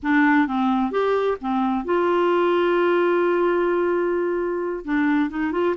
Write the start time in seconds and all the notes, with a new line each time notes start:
0.02 D4
0.47 C4
0.91 G4
1.40 C4
1.85 F4
4.85 D4
5.30 D#4
5.52 F4